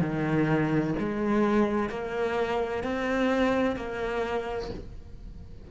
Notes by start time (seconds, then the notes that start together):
0.00 D#3
0.99 G#3
1.89 A#3
2.83 C4
3.76 A#3